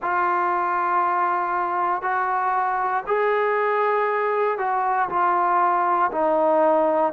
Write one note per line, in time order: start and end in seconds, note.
0.02 2.02 F4
2.02 3.03 F#4
3.06 4.58 G#4
4.58 5.08 F#4
5.09 6.11 F4
6.11 7.12 D#4